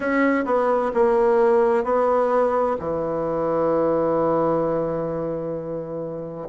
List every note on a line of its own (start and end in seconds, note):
0.00 0.44 C#4
0.45 0.91 B3
0.94 1.84 A#3
1.84 2.76 B3
2.79 6.48 E3